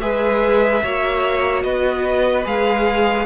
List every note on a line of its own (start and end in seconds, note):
0.00 0.83 G#3
0.00 0.82 G#4
0.00 0.83 B4
0.00 1.62 E5
0.83 1.64 A#3
0.83 2.44 F#4
0.83 1.64 C#5
1.63 2.45 B3
1.63 3.26 B4
1.63 2.44 D#5
2.44 3.26 G#3
2.44 3.25 G#4
2.44 3.26 F5